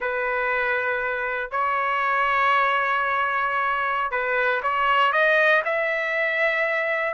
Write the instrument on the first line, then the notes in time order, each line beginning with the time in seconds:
trumpet
0.00 B4
1.50 C#5
4.11 B4
4.62 C#5
5.12 D#5
5.65 E5